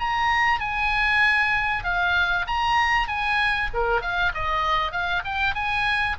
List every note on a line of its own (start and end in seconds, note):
0.00 0.60 A#5
0.60 1.84 G#5
1.84 2.46 F5
2.47 3.08 A#5
3.08 3.69 G#5
3.74 4.01 A#4
4.01 4.32 F5
4.34 4.92 D#5
4.92 5.23 F5
5.25 5.55 G5
5.55 6.17 G#5